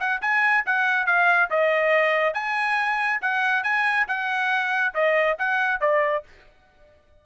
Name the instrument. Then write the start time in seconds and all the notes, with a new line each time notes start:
trumpet
0.00 F#5
0.22 G#5
0.66 F#5
1.07 F5
1.51 D#5
2.34 G#5
3.22 F#5
3.64 G#5
4.08 F#5
4.95 D#5
5.39 F#5
5.81 D5